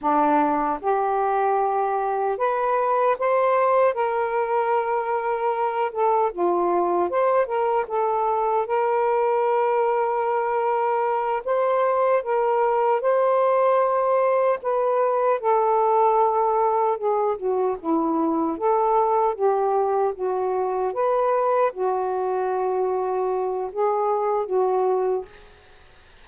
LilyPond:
\new Staff \with { instrumentName = "saxophone" } { \time 4/4 \tempo 4 = 76 d'4 g'2 b'4 | c''4 ais'2~ ais'8 a'8 | f'4 c''8 ais'8 a'4 ais'4~ | ais'2~ ais'8 c''4 ais'8~ |
ais'8 c''2 b'4 a'8~ | a'4. gis'8 fis'8 e'4 a'8~ | a'8 g'4 fis'4 b'4 fis'8~ | fis'2 gis'4 fis'4 | }